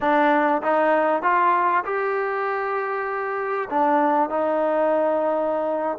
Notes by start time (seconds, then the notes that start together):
0.00 D4
0.62 D#4
1.22 F4
1.85 G4
3.69 D4
4.29 D#4